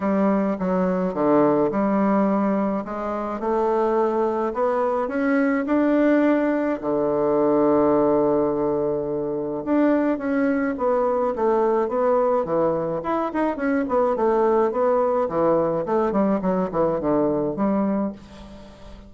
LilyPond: \new Staff \with { instrumentName = "bassoon" } { \time 4/4 \tempo 4 = 106 g4 fis4 d4 g4~ | g4 gis4 a2 | b4 cis'4 d'2 | d1~ |
d4 d'4 cis'4 b4 | a4 b4 e4 e'8 dis'8 | cis'8 b8 a4 b4 e4 | a8 g8 fis8 e8 d4 g4 | }